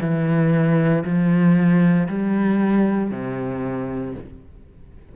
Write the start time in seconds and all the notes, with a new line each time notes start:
0.00 E3
1.04 F3
2.08 G3
3.11 C3